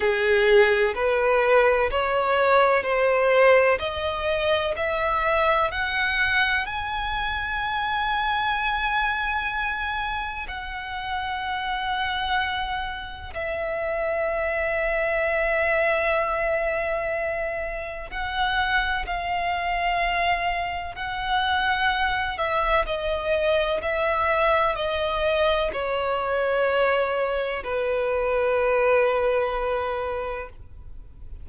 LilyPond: \new Staff \with { instrumentName = "violin" } { \time 4/4 \tempo 4 = 63 gis'4 b'4 cis''4 c''4 | dis''4 e''4 fis''4 gis''4~ | gis''2. fis''4~ | fis''2 e''2~ |
e''2. fis''4 | f''2 fis''4. e''8 | dis''4 e''4 dis''4 cis''4~ | cis''4 b'2. | }